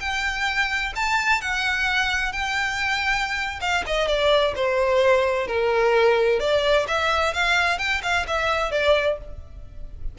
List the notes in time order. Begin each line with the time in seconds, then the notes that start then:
0.00 G5
0.96 A5
1.41 F#5
2.32 G5
3.61 F5
3.87 D#5
4.08 D5
4.56 C5
5.47 A#4
6.40 D5
6.88 E5
7.34 F5
7.78 G5
8.03 F5
8.27 E5
8.71 D5